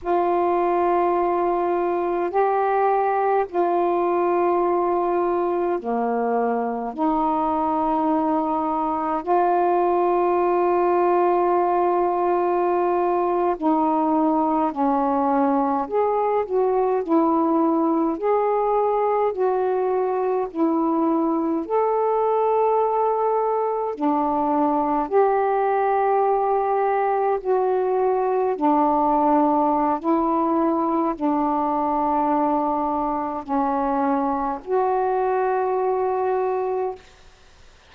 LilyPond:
\new Staff \with { instrumentName = "saxophone" } { \time 4/4 \tempo 4 = 52 f'2 g'4 f'4~ | f'4 ais4 dis'2 | f'2.~ f'8. dis'16~ | dis'8. cis'4 gis'8 fis'8 e'4 gis'16~ |
gis'8. fis'4 e'4 a'4~ a'16~ | a'8. d'4 g'2 fis'16~ | fis'8. d'4~ d'16 e'4 d'4~ | d'4 cis'4 fis'2 | }